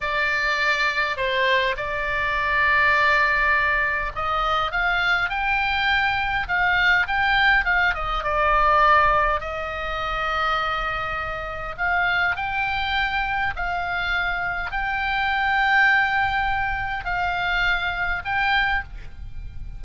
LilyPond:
\new Staff \with { instrumentName = "oboe" } { \time 4/4 \tempo 4 = 102 d''2 c''4 d''4~ | d''2. dis''4 | f''4 g''2 f''4 | g''4 f''8 dis''8 d''2 |
dis''1 | f''4 g''2 f''4~ | f''4 g''2.~ | g''4 f''2 g''4 | }